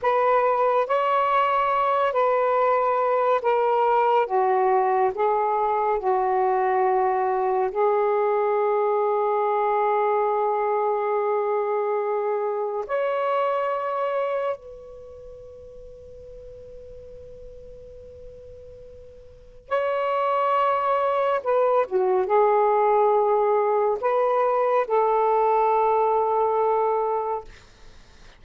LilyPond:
\new Staff \with { instrumentName = "saxophone" } { \time 4/4 \tempo 4 = 70 b'4 cis''4. b'4. | ais'4 fis'4 gis'4 fis'4~ | fis'4 gis'2.~ | gis'2. cis''4~ |
cis''4 b'2.~ | b'2. cis''4~ | cis''4 b'8 fis'8 gis'2 | b'4 a'2. | }